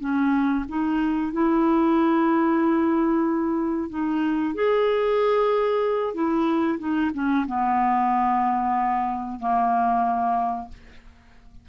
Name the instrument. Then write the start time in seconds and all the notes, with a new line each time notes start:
clarinet
0.00 C#4
0.69 D#4
1.32 E4
3.90 D#4
4.54 G#4
6.14 E4
6.79 D#4
7.14 C#4
7.47 B3
9.40 A#3